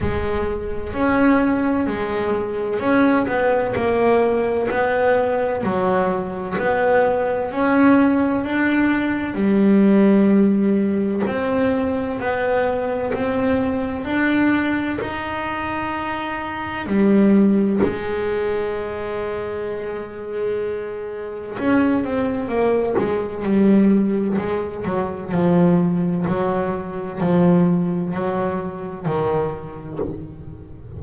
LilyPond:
\new Staff \with { instrumentName = "double bass" } { \time 4/4 \tempo 4 = 64 gis4 cis'4 gis4 cis'8 b8 | ais4 b4 fis4 b4 | cis'4 d'4 g2 | c'4 b4 c'4 d'4 |
dis'2 g4 gis4~ | gis2. cis'8 c'8 | ais8 gis8 g4 gis8 fis8 f4 | fis4 f4 fis4 dis4 | }